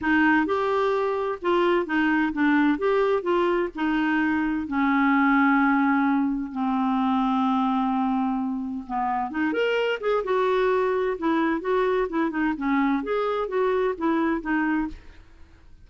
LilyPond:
\new Staff \with { instrumentName = "clarinet" } { \time 4/4 \tempo 4 = 129 dis'4 g'2 f'4 | dis'4 d'4 g'4 f'4 | dis'2 cis'2~ | cis'2 c'2~ |
c'2. b4 | dis'8 ais'4 gis'8 fis'2 | e'4 fis'4 e'8 dis'8 cis'4 | gis'4 fis'4 e'4 dis'4 | }